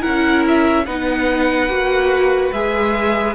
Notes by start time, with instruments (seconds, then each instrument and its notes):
0.00 cello C#4, viola E4, violin A#4 F#5
0.47 violin E5
0.86 cello B3, viola D#4, violin B4 F#5
1.67 cello A#3, viola F#4
2.52 cello G#3, viola G#4, violin E5